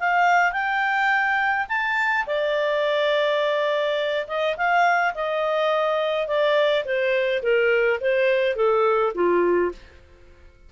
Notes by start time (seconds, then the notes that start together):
0.00 F5
0.52 G5
1.69 A5
2.27 D5
4.28 D#5
4.57 F5
5.15 D#5
6.27 D5
6.85 C5
7.43 A#4
8.01 C5
8.56 A4
9.15 F4